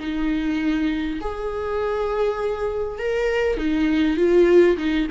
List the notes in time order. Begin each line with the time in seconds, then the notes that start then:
0.00 D#4
1.21 G#4
2.99 A#4
3.57 D#4
4.17 F4
4.77 D#4